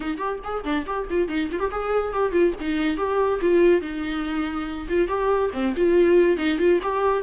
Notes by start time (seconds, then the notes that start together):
0.00 D#4
0.17 G4
0.44 G#4
0.64 D4
0.86 G4
1.10 F4
1.28 D#4
1.51 F4
1.59 G4
1.71 G#4
2.13 G4
2.32 F4
2.60 D#4
2.97 G4
3.41 F4
3.81 D#4
4.88 F4
5.08 G4
5.53 C4
5.76 F4
6.37 D#4
6.58 F4
6.82 G4